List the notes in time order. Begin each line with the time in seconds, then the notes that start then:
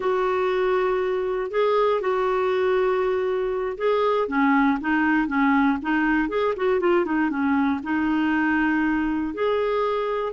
0.00 F#4
1.50 G#4
2.01 F#4
3.77 G#4
4.28 C#4
4.80 D#4
5.27 C#4
5.81 D#4
6.29 G#4
6.56 F#4
6.80 F4
7.05 D#4
7.29 C#4
7.83 D#4
9.34 G#4